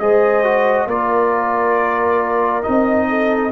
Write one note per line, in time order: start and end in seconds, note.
0.00 0.87 G#3
0.00 0.44 G#4
0.00 0.88 C5
0.00 0.88 D#5
0.44 0.89 F#4
0.87 2.64 A#3
0.87 2.63 F4
0.87 3.08 A#4
0.87 2.63 D5
2.63 3.52 C4
2.63 3.51 D#4
2.63 3.52 D#5
3.10 3.52 A4